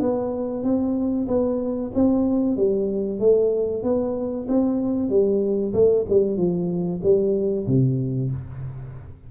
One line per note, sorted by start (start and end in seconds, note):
0.00 0.63 B3
0.63 1.27 C4
1.27 1.91 B3
1.94 2.56 C4
2.56 3.19 G3
3.19 3.83 A3
3.83 4.47 B3
4.48 5.09 C4
5.09 5.73 G3
5.73 6.05 A3
6.09 6.37 G3
6.37 7.01 F3
7.03 7.67 G3
7.67 8.31 C3